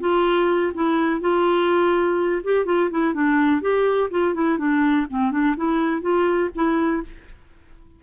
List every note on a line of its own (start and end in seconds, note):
0.00 0.73 F4
0.74 1.21 E4
1.21 2.41 F4
2.43 2.65 G4
2.65 2.90 F4
2.91 3.14 E4
3.14 3.61 D4
3.61 4.10 G4
4.11 4.34 F4
4.34 4.58 E4
4.58 5.06 D4
5.10 5.31 C4
5.31 5.55 D4
5.56 6.01 E4
6.01 6.50 F4
6.55 7.03 E4